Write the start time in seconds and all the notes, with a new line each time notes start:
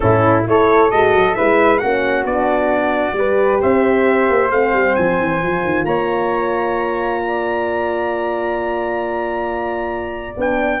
0.00 A2 C#4 E4 A4
0.46 A3 E4 A4 C#5
0.90 G#3 F#4 D#5
1.14 F#3
1.34 G#3 E4 B4 E5
1.78 A#3 C#4 F#4 F#5
2.24 B3 D4 D5
3.12 G3 G4 B4
3.60 C4 C5 E5
4.29 A#3
4.50 A3 C4 F5
4.73 G3
4.95 F3 G#5
5.19 E3
5.42 F3 F4
5.63 D#3
5.84 A#3 C#5 A#5
7.22 D5
10.37 B3 D4 G5